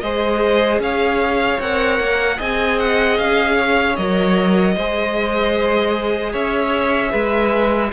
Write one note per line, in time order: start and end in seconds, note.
0.00 0.79 G#3
0.00 1.61 G#4
0.00 0.82 C5
0.00 0.79 D#5
0.79 1.58 C#4
0.79 2.37 C#5
0.79 1.61 F5
1.60 2.00 C4
1.60 2.39 A#4
1.60 2.40 F#5
2.00 2.39 A#3
2.37 3.19 C4
2.37 3.97 G#4
2.37 3.56 D#5
2.37 2.79 G#5
2.79 3.18 F#5
3.18 3.98 C#4
3.18 3.96 F5
3.56 4.75 C#5
3.96 4.76 F#3
3.96 4.77 A#4
3.96 6.33 D#5
4.76 6.34 G#3
4.76 7.93 G#4
4.76 6.33 C5
6.33 7.13 C#4
6.33 7.11 C#5
6.33 7.92 E5
7.11 7.92 G#3
7.11 7.90 B4